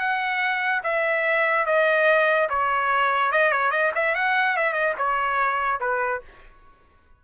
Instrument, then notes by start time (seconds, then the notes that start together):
trumpet
0.00 F#5
0.84 E5
1.66 D#5
2.50 C#5
3.32 D#5
3.52 C#5
3.72 D#5
3.95 E5
4.16 F#5
4.57 E5
4.73 D#5
4.98 C#5
5.81 B4